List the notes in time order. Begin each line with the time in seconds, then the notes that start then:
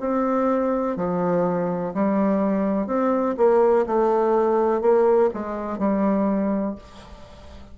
0.00 C4
0.97 F3
1.94 G3
2.87 C4
3.37 A#3
3.87 A3
4.81 A#3
5.34 G#3
5.78 G3